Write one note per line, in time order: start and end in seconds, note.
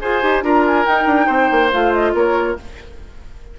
0.00 0.23 F4
0.00 0.22 G#4
0.00 0.44 C5
0.00 0.43 G#5
0.22 0.42 D#4
0.22 0.43 G4
0.42 0.85 D4
0.42 0.85 F4
0.42 1.26 A#4
0.42 0.65 A#5
0.67 0.85 G#5
0.85 1.71 D#4
0.85 1.06 D#4
0.85 1.71 G5
1.06 1.27 D4
1.26 1.49 C4
1.26 2.12 C5
1.51 1.73 A#3
1.71 2.14 A3
1.71 2.57 F4
1.71 1.94 F5
1.94 2.15 D#5
2.14 2.57 A#3
2.14 2.57 A#4
2.14 2.59 C#5